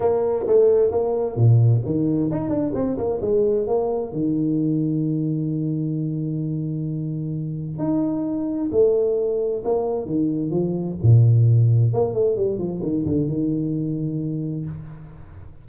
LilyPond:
\new Staff \with { instrumentName = "tuba" } { \time 4/4 \tempo 4 = 131 ais4 a4 ais4 ais,4 | dis4 dis'8 d'8 c'8 ais8 gis4 | ais4 dis2.~ | dis1~ |
dis4 dis'2 a4~ | a4 ais4 dis4 f4 | ais,2 ais8 a8 g8 f8 | dis8 d8 dis2. | }